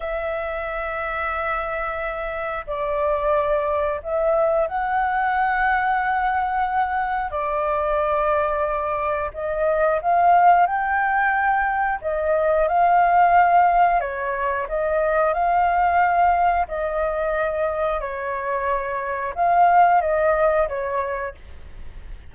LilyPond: \new Staff \with { instrumentName = "flute" } { \time 4/4 \tempo 4 = 90 e''1 | d''2 e''4 fis''4~ | fis''2. d''4~ | d''2 dis''4 f''4 |
g''2 dis''4 f''4~ | f''4 cis''4 dis''4 f''4~ | f''4 dis''2 cis''4~ | cis''4 f''4 dis''4 cis''4 | }